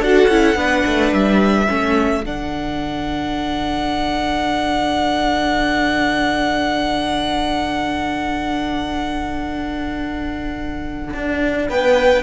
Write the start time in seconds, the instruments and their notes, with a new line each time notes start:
0.00 cello D4, viola F#4, violin A4 F#5
0.28 cello C#4, viola E4
0.56 cello B3, viola D4, violin B4
0.86 cello A3
1.12 cello G3, violin E5
1.68 cello A3, viola C#4, violin A4
2.24 cello D3, viola D4, violin F#5
11.14 cello D4
11.69 cello B3, violin B4 G5